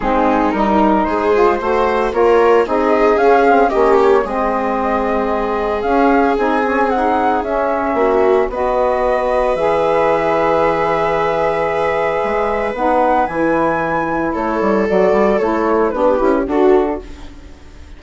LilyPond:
<<
  \new Staff \with { instrumentName = "flute" } { \time 4/4 \tempo 4 = 113 gis'4 ais'4 c''2 | cis''4 dis''4 f''4 dis''8 cis''8 | dis''2. f''4 | gis''4 fis''4 e''2 |
dis''2 e''2~ | e''1 | fis''4 gis''2 cis''4 | d''4 cis''4 b'4 a'4 | }
  \new Staff \with { instrumentName = "viola" } { \time 4/4 dis'2 gis'4 c''4 | ais'4 gis'2 g'4 | gis'1~ | gis'2. fis'4 |
b'1~ | b'1~ | b'2. a'4~ | a'2 g'4 fis'4 | }
  \new Staff \with { instrumentName = "saxophone" } { \time 4/4 c'4 dis'4. f'8 fis'4 | f'4 dis'4 cis'8 c'8 cis'4 | c'2. cis'4 | dis'8 cis'8 dis'4 cis'2 |
fis'2 gis'2~ | gis'1 | dis'4 e'2. | fis'4 e'4 d'8 e'8 fis'4 | }
  \new Staff \with { instrumentName = "bassoon" } { \time 4/4 gis4 g4 gis4 a4 | ais4 c'4 cis'4 ais4 | gis2. cis'4 | c'2 cis'4 ais4 |
b2 e2~ | e2. gis4 | b4 e2 a8 g8 | fis8 g8 a4 b8 cis'8 d'4 | }
>>